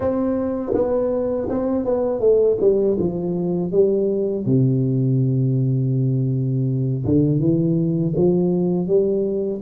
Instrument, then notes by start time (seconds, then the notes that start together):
tuba
0.00 C4
0.74 B3
1.49 C4
1.85 B3
2.20 A3
2.60 G3
2.99 F3
3.71 G3
4.45 C3
7.05 D3
7.39 E3
8.16 F3
8.87 G3